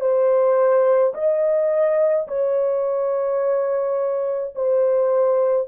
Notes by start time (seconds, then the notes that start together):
0.00 C5
1.14 D#5
2.27 C#5
4.55 C5